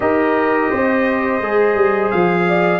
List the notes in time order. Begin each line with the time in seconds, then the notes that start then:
0.00 D#4 G4 A#4 D#5
0.70 C4 C5
1.40 G#3 G#4
1.75 G3
2.11 F3 F5
2.47 D5